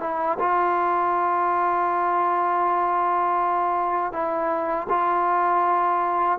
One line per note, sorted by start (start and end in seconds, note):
0.00 0.38 E4
0.39 4.12 F4
4.12 4.87 E4
4.89 6.39 F4